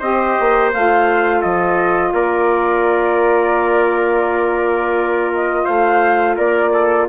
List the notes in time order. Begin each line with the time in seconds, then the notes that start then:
0.00 C4 G4 C5 D#5
0.40 A#3
0.74 A3 F4 F5
1.42 F3 A4 D#5
2.13 A#3 A#4 D5
5.34 D#5
5.65 A3 C5 F5
6.37 A#3 A#4 D5
6.74 A4